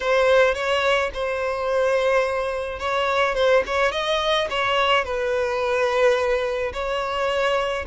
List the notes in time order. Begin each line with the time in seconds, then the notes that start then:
0.00 C5
0.54 C#5
1.13 C5
2.79 C#5
3.35 C5
3.66 C#5
3.91 D#5
4.50 C#5
5.04 B4
6.73 C#5